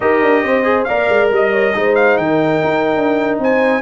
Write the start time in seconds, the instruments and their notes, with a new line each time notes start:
0.00 tuba D#4, trombone G4, horn A#4, trumpet D#5
0.22 tuba D4
0.43 tuba C4, horn C5
0.63 trombone G#4
0.84 tuba A#3, trombone A#4, horn D5, trumpet F5
1.09 tuba G#3
1.30 tuba G3, horn D#5, trumpet D#5
1.52 horn C#5
1.74 tuba G#3, trombone D#4, horn C5
1.95 trumpet F5
2.17 tuba D#3, horn A#4, trumpet G5
2.64 tuba D#4
2.96 tuba D4
3.38 tuba C4, horn C5, trumpet G#5